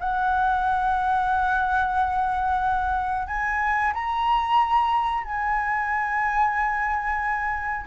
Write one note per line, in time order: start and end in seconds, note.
0.00 3.27 F#5
3.27 3.93 G#5
3.94 5.24 A#5
5.24 7.87 G#5